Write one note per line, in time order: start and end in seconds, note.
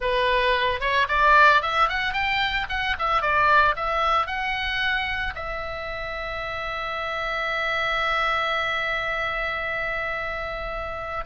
0.00 0.80 B4
0.80 1.07 C#5
1.08 1.61 D5
1.62 1.88 E5
1.88 2.13 F#5
2.13 2.66 G5
2.69 2.95 F#5
2.98 3.21 E5
3.21 3.75 D5
3.76 4.26 E5
4.26 5.33 F#5
5.35 11.24 E5